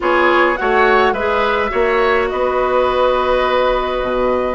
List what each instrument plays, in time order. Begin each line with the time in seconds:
0.00 bassoon B3, clarinet F4, oboe G#4, flute C#5
0.56 bassoon A3, clarinet F#4, oboe C#5, flute F#5
1.12 bassoon G#3, clarinet G#4, oboe B4, flute E5
1.69 bassoon A#3, clarinet F#4, oboe C#5
2.28 bassoon B3, oboe B4, flute D#5
4.01 bassoon B2